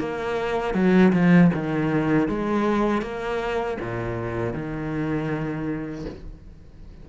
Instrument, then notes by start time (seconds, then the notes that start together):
cello
0.00 A#3
0.75 F#3
1.13 F3
1.54 D#3
2.29 G#3
3.02 A#3
3.81 A#2
4.54 D#3